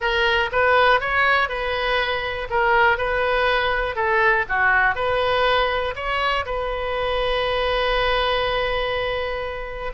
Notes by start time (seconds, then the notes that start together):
0.00 A#4
0.51 B4
1.00 C#5
1.49 B4
2.50 A#4
2.97 B4
3.95 A4
4.48 F#4
4.95 B4
5.95 C#5
6.45 B4